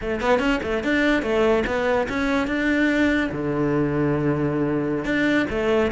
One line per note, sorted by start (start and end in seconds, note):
0.01 0.21 A3
0.21 0.39 B3
0.39 0.59 C#4
0.62 0.83 A3
0.83 1.22 D4
1.22 1.63 A3
1.66 2.07 B3
2.09 2.47 C#4
2.47 3.30 D4
3.32 5.05 D3
5.05 5.46 D4
5.50 5.91 A3